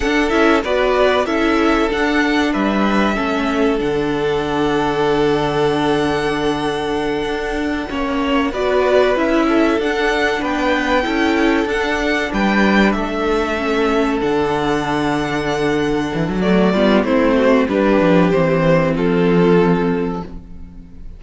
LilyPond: <<
  \new Staff \with { instrumentName = "violin" } { \time 4/4 \tempo 4 = 95 fis''8 e''8 d''4 e''4 fis''4 | e''2 fis''2~ | fis''1~ | fis''4. d''4 e''4 fis''8~ |
fis''8 g''2 fis''4 g''8~ | g''8 e''2 fis''4.~ | fis''2 d''4 c''4 | b'4 c''4 a'2 | }
  \new Staff \with { instrumentName = "violin" } { \time 4/4 a'4 b'4 a'2 | b'4 a'2.~ | a'1~ | a'8 cis''4 b'4. a'4~ |
a'8 b'4 a'2 b'8~ | b'8 a'2.~ a'8~ | a'2 fis'8 f'8 e'8 fis'8 | g'2 f'2 | }
  \new Staff \with { instrumentName = "viola" } { \time 4/4 d'8 e'8 fis'4 e'4 d'4~ | d'4 cis'4 d'2~ | d'1~ | d'8 cis'4 fis'4 e'4 d'8~ |
d'4. e'4 d'4.~ | d'4. cis'4 d'4.~ | d'2 a8 b8 c'4 | d'4 c'2. | }
  \new Staff \with { instrumentName = "cello" } { \time 4/4 d'8 cis'8 b4 cis'4 d'4 | g4 a4 d2~ | d2.~ d8 d'8~ | d'8 ais4 b4 cis'4 d'8~ |
d'8 b4 cis'4 d'4 g8~ | g8 a2 d4.~ | d4. e16 fis8. g8 a4 | g8 f8 e4 f2 | }
>>